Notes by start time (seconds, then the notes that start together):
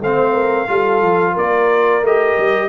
0.00 A3 C4 C5 F5
0.34 A#4
0.67 G3 F4 A4
1.02 F3
1.32 A#3 A#4 D5
2.01 A3 G4 D#5
2.37 G3